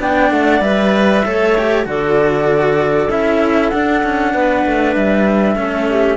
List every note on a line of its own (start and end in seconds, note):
0.00 0.31 B3
0.00 0.62 D4
0.00 1.24 D5
0.00 0.31 G5
0.31 0.60 A3
0.31 0.62 F#5
0.60 1.22 G3
0.60 1.24 B4
0.60 1.86 E5
1.25 1.86 A3
1.25 1.56 A4
1.25 1.88 C#5
1.58 1.85 G4
1.85 3.10 D3
1.85 3.08 F#4
1.85 4.33 A4
1.85 3.11 D5
3.10 3.72 C#4
3.10 3.72 E4
3.10 3.70 E5
3.70 4.03 D4
3.70 5.56 D4
3.70 4.93 F#5
4.03 4.34 C#4
4.33 4.65 B3
4.33 5.57 B4
4.66 4.96 A3
4.95 5.56 G3
4.95 6.17 E5
5.56 6.17 A3
5.56 6.17 C#4
5.56 5.88 A4
5.90 6.17 G4